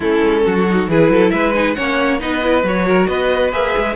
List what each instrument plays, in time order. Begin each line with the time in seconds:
0.00 cello A3, viola C#4, violin E4 A4
0.23 cello G#3
0.45 cello F#3, violin F#4
0.69 viola D#4
0.87 cello E3, viola E4, violin G#4 B4
1.09 cello F#3, violin A4
1.30 cello G#3, violin B4 E5
1.53 viola D#4, violin G#5
1.74 cello A#3, viola C#4, violin C#5 F#5
2.19 cello B3, viola D#4, violin B4 D#5
2.42 viola E4
2.63 cello F#3, viola F#4, violin C#5
2.87 violin A#4
3.07 cello B3, violin B4 D#5
3.52 cello A#3, viola G#4, violin E5
3.77 cello G#3